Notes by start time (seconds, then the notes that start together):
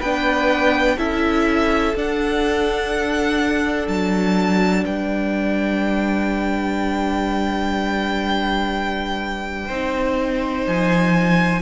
0.00 B3 D4 B4 G5
0.98 C#4 E4 A4 E5
1.96 D4 F#5
3.88 F#3 A5
4.84 G3 B4 G5
9.68 C4 D#4 C5
10.67 F3 G#5